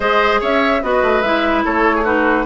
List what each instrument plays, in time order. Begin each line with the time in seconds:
0.00 bassoon G#3, clarinet G#4, oboe C5, flute D#5
0.40 bassoon C#4, oboe C#5, flute E5
0.82 bassoon B3, clarinet F#4, oboe B4, flute D#5
1.02 bassoon A3
1.22 bassoon G#3, clarinet E4, flute E5
1.64 bassoon A3, oboe A4, flute C#5
1.95 oboe G#4
2.04 clarinet D#4, oboe F#4, flute B4